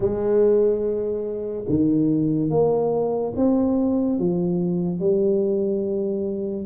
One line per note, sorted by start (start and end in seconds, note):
0.00 1.64 G#3
1.69 2.50 D#3
2.50 3.33 A#3
3.36 4.19 C4
4.19 4.99 F3
4.99 6.66 G3